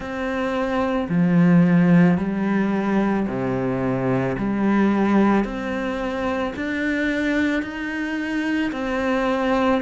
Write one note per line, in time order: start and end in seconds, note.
0.00 1.08 C4
1.09 2.17 F3
2.17 3.26 G3
3.27 4.36 C3
4.38 5.44 G3
5.44 6.53 C4
6.56 7.62 D4
7.62 8.71 D#4
8.72 9.81 C4